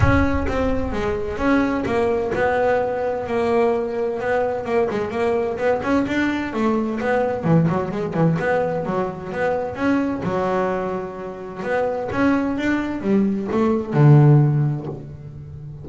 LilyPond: \new Staff \with { instrumentName = "double bass" } { \time 4/4 \tempo 4 = 129 cis'4 c'4 gis4 cis'4 | ais4 b2 ais4~ | ais4 b4 ais8 gis8 ais4 | b8 cis'8 d'4 a4 b4 |
e8 fis8 gis8 e8 b4 fis4 | b4 cis'4 fis2~ | fis4 b4 cis'4 d'4 | g4 a4 d2 | }